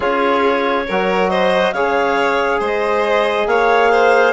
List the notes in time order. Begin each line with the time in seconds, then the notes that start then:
0.00 C#4 F4 G#4 C#5
0.86 F#3 F#4 A#4
1.29 C5 D#5
1.72 C#3 G#4 C#5 F5
2.59 G#3 C5 D#5
3.46 A#3 C#5 F5
3.91 C5